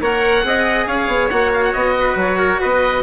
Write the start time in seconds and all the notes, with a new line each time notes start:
0.00 A#3 A#4 C#5 F#5
0.42 C4 G#4 D#5
0.86 C#4 C#5 F5
1.07 B3
1.29 A#3 F#4 F#5
1.54 F5
1.63 F#5
1.73 B3 D#5
1.99 B4
2.15 F#3 C#5
2.38 A#4
2.60 B3 B4 D#5